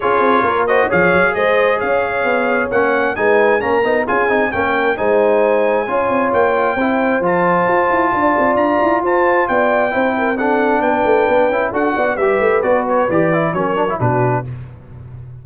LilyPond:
<<
  \new Staff \with { instrumentName = "trumpet" } { \time 4/4 \tempo 4 = 133 cis''4. dis''8 f''4 dis''4 | f''2 fis''4 gis''4 | ais''4 gis''4 g''4 gis''4~ | gis''2 g''2 |
a''2. ais''4 | a''4 g''2 fis''4 | g''2 fis''4 e''4 | d''8 cis''8 d''4 cis''4 b'4 | }
  \new Staff \with { instrumentName = "horn" } { \time 4/4 gis'4 ais'8 c''8 cis''4 c''4 | cis''2. b'4 | ais'4 gis'4 ais'4 c''4~ | c''4 cis''2 c''4~ |
c''2 d''2 | c''4 d''4 c''8 ais'8 a'4 | b'2 a'8 d''8 b'4~ | b'2 ais'4 fis'4 | }
  \new Staff \with { instrumentName = "trombone" } { \time 4/4 f'4. fis'8 gis'2~ | gis'2 cis'4 dis'4 | cis'8 dis'8 f'8 dis'8 cis'4 dis'4~ | dis'4 f'2 e'4 |
f'1~ | f'2 e'4 d'4~ | d'4. e'8 fis'4 g'4 | fis'4 g'8 e'8 cis'8 d'16 e'16 d'4 | }
  \new Staff \with { instrumentName = "tuba" } { \time 4/4 cis'8 c'8 ais4 f8 fis8 gis4 | cis'4 b4 ais4 gis4 | ais8 b8 cis'8 c'8 ais4 gis4~ | gis4 cis'8 c'8 ais4 c'4 |
f4 f'8 e'8 d'8 c'8 d'8 e'8 | f'4 b4 c'2 | b8 a8 b8 cis'8 d'8 b8 g8 a8 | b4 e4 fis4 b,4 | }
>>